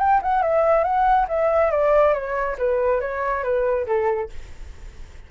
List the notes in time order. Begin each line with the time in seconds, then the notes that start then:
0.00 G5
0.23 F#5
0.43 E5
0.84 F#5
1.29 E5
1.72 D5
2.14 C#5
2.59 B4
3.01 C#5
3.44 B4
3.87 A4